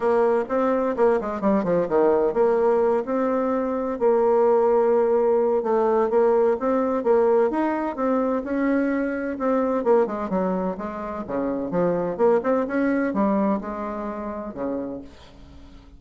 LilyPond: \new Staff \with { instrumentName = "bassoon" } { \time 4/4 \tempo 4 = 128 ais4 c'4 ais8 gis8 g8 f8 | dis4 ais4. c'4.~ | c'8 ais2.~ ais8 | a4 ais4 c'4 ais4 |
dis'4 c'4 cis'2 | c'4 ais8 gis8 fis4 gis4 | cis4 f4 ais8 c'8 cis'4 | g4 gis2 cis4 | }